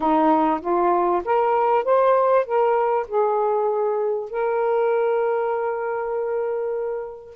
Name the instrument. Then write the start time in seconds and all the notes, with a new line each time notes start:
saxophone
0.00 D#4
0.61 F4
1.24 A#4
1.84 C5
2.45 A#4
3.07 G#4
4.29 A#4